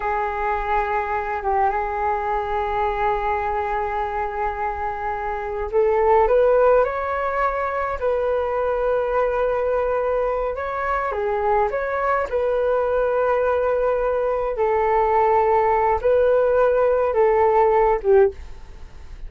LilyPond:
\new Staff \with { instrumentName = "flute" } { \time 4/4 \tempo 4 = 105 gis'2~ gis'8 g'8 gis'4~ | gis'1~ | gis'2 a'4 b'4 | cis''2 b'2~ |
b'2~ b'8 cis''4 gis'8~ | gis'8 cis''4 b'2~ b'8~ | b'4. a'2~ a'8 | b'2 a'4. g'8 | }